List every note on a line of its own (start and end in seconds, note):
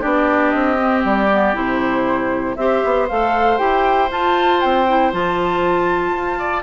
0.00 0.53 B3
0.00 0.77 D4
0.00 2.54 G4
0.00 0.51 D5
0.51 1.04 C4
0.51 1.01 D#5
0.78 1.29 C4
1.04 1.54 G3
1.04 1.56 D5
1.32 1.54 B3
1.54 2.56 C3
1.54 2.55 E4
1.54 2.56 C5
2.56 2.82 C4
2.56 3.08 G4
2.56 6.38 C5
2.56 3.07 E5
2.84 3.09 B3
3.08 3.59 A3
3.08 3.57 A4
3.08 3.58 F5
3.57 4.10 E4
3.57 4.08 G4
3.57 4.09 G5
4.10 4.86 F4
4.10 4.61 F4
4.10 4.60 A5
4.60 5.12 C4
4.60 5.11 G5
4.87 5.12 E4
5.12 6.12 F3
5.12 6.62 F4
5.12 6.62 A5
6.12 6.62 F4
6.38 6.62 D5